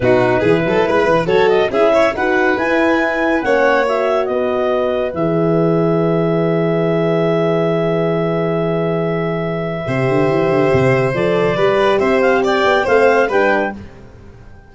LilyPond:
<<
  \new Staff \with { instrumentName = "clarinet" } { \time 4/4 \tempo 4 = 140 b'2. cis''8 dis''8 | e''4 fis''4 gis''2 | fis''4 e''4 dis''2 | e''1~ |
e''1~ | e''1~ | e''2 d''2 | e''8 f''8 g''4 f''4 g''4 | }
  \new Staff \with { instrumentName = "violin" } { \time 4/4 fis'4 gis'8 a'8 b'4 a'4 | gis'8 cis''8 b'2. | cis''2 b'2~ | b'1~ |
b'1~ | b'2. c''4~ | c''2. b'4 | c''4 d''4 c''4 b'4 | }
  \new Staff \with { instrumentName = "horn" } { \time 4/4 dis'4 e'2 fis'4 | e'4 fis'4 e'2 | cis'4 fis'2. | gis'1~ |
gis'1~ | gis'2. g'4~ | g'2 a'4 g'4~ | g'2 c'4 d'4 | }
  \new Staff \with { instrumentName = "tuba" } { \time 4/4 b,4 e8 fis8 gis8 e8 fis4 | cis'4 dis'4 e'2 | ais2 b2 | e1~ |
e1~ | e2. c8 d8 | e8 d8 c4 f4 g4 | c'4. b8 a4 g4 | }
>>